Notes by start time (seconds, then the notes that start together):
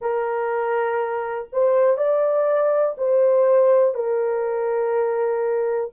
0.00 A#4
1.52 C5
1.97 D5
2.97 C5
3.94 A#4